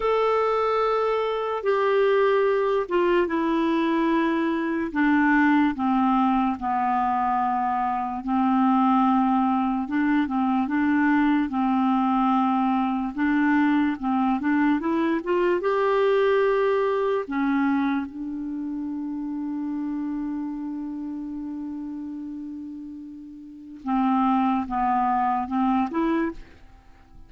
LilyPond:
\new Staff \with { instrumentName = "clarinet" } { \time 4/4 \tempo 4 = 73 a'2 g'4. f'8 | e'2 d'4 c'4 | b2 c'2 | d'8 c'8 d'4 c'2 |
d'4 c'8 d'8 e'8 f'8 g'4~ | g'4 cis'4 d'2~ | d'1~ | d'4 c'4 b4 c'8 e'8 | }